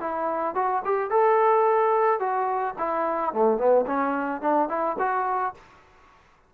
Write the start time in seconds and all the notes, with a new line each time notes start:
0.00 E4
0.55 F#4
0.85 G4
1.10 A4
2.19 F#4
2.78 E4
3.33 A3
3.58 B3
3.86 C#4
4.41 D4
4.69 E4
4.99 F#4